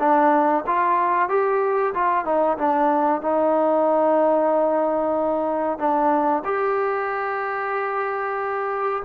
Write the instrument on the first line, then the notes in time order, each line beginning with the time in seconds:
trombone
0.00 D4
0.67 F4
1.30 G4
1.95 F4
2.26 D#4
2.59 D4
3.22 D#4
5.79 D4
6.45 G4